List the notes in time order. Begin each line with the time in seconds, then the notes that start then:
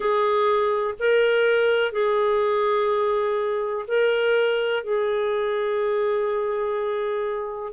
0.00 G#4
0.99 A#4
1.91 G#4
3.87 A#4
4.83 G#4